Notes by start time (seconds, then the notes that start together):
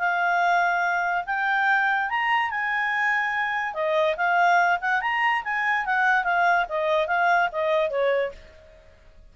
0.00 F5
1.27 G5
2.10 A#5
2.51 G#5
3.75 D#5
4.17 F5
4.81 F#5
5.02 A#5
5.45 G#5
5.86 F#5
6.24 F5
6.69 D#5
7.08 F5
7.52 D#5
7.91 C#5